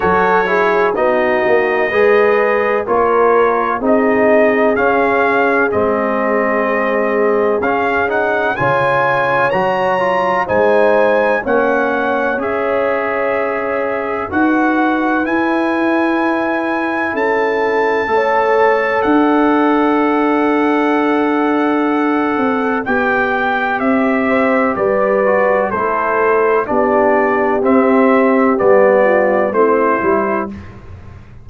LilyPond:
<<
  \new Staff \with { instrumentName = "trumpet" } { \time 4/4 \tempo 4 = 63 cis''4 dis''2 cis''4 | dis''4 f''4 dis''2 | f''8 fis''8 gis''4 ais''4 gis''4 | fis''4 e''2 fis''4 |
gis''2 a''2 | fis''1 | g''4 e''4 d''4 c''4 | d''4 e''4 d''4 c''4 | }
  \new Staff \with { instrumentName = "horn" } { \time 4/4 a'8 gis'8 fis'4 b'4 ais'4 | gis'1~ | gis'4 cis''2 c''4 | cis''2. b'4~ |
b'2 a'4 cis''4 | d''1~ | d''4. c''8 b'4 a'4 | g'2~ g'8 f'8 e'4 | }
  \new Staff \with { instrumentName = "trombone" } { \time 4/4 fis'8 e'8 dis'4 gis'4 f'4 | dis'4 cis'4 c'2 | cis'8 dis'8 f'4 fis'8 f'8 dis'4 | cis'4 gis'2 fis'4 |
e'2. a'4~ | a'1 | g'2~ g'8 fis'8 e'4 | d'4 c'4 b4 c'8 e'8 | }
  \new Staff \with { instrumentName = "tuba" } { \time 4/4 fis4 b8 ais8 gis4 ais4 | c'4 cis'4 gis2 | cis'4 cis4 fis4 gis4 | ais4 cis'2 dis'4 |
e'2 cis'4 a4 | d'2.~ d'8 c'8 | b4 c'4 g4 a4 | b4 c'4 g4 a8 g8 | }
>>